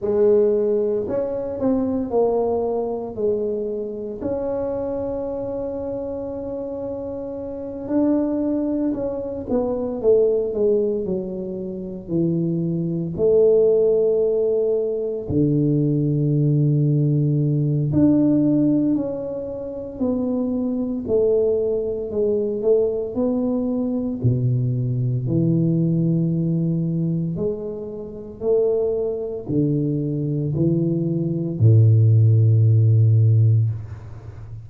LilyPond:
\new Staff \with { instrumentName = "tuba" } { \time 4/4 \tempo 4 = 57 gis4 cis'8 c'8 ais4 gis4 | cis'2.~ cis'8 d'8~ | d'8 cis'8 b8 a8 gis8 fis4 e8~ | e8 a2 d4.~ |
d4 d'4 cis'4 b4 | a4 gis8 a8 b4 b,4 | e2 gis4 a4 | d4 e4 a,2 | }